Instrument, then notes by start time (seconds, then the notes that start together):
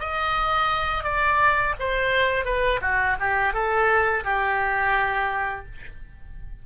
oboe
0.00 D#5
1.04 D5
1.79 C5
2.45 B4
2.81 F#4
3.20 G4
3.54 A4
4.24 G4